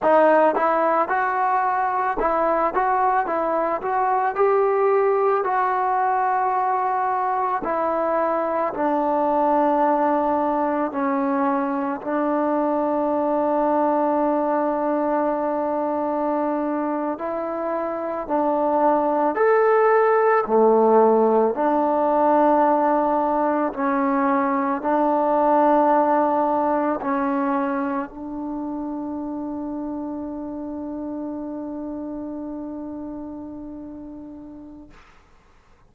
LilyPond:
\new Staff \with { instrumentName = "trombone" } { \time 4/4 \tempo 4 = 55 dis'8 e'8 fis'4 e'8 fis'8 e'8 fis'8 | g'4 fis'2 e'4 | d'2 cis'4 d'4~ | d'2.~ d'8. e'16~ |
e'8. d'4 a'4 a4 d'16~ | d'4.~ d'16 cis'4 d'4~ d'16~ | d'8. cis'4 d'2~ d'16~ | d'1 | }